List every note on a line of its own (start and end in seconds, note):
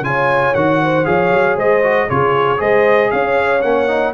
0.00 0.51 C#3
0.00 0.55 F4
0.00 0.54 G#5
0.06 0.82 C#5
0.54 1.06 D#3
0.54 1.05 F#4
0.54 1.05 F#5
0.82 1.07 C5
1.05 1.32 F3
1.05 1.82 G#4
1.05 1.56 C#5
1.05 1.56 F5
1.32 1.56 F#3
1.56 2.07 G#3
1.56 2.07 C5
1.56 2.09 D#5
1.82 2.08 F#4
2.09 2.60 C#3
2.09 2.57 F4
2.09 2.60 G#4
2.09 2.60 C#5
2.57 3.11 G#3
2.57 3.60 G#4
2.57 3.11 C5
2.57 3.11 D#5
3.11 3.63 C#4
3.11 4.13 C#5
3.11 3.61 F5
3.61 4.13 A#3
3.61 3.87 C#4
3.61 4.12 F#5
3.87 4.13 D#4